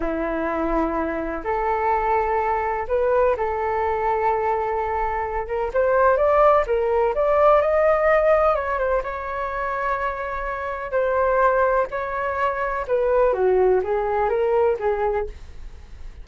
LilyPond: \new Staff \with { instrumentName = "flute" } { \time 4/4 \tempo 4 = 126 e'2. a'4~ | a'2 b'4 a'4~ | a'2.~ a'8 ais'8 | c''4 d''4 ais'4 d''4 |
dis''2 cis''8 c''8 cis''4~ | cis''2. c''4~ | c''4 cis''2 b'4 | fis'4 gis'4 ais'4 gis'4 | }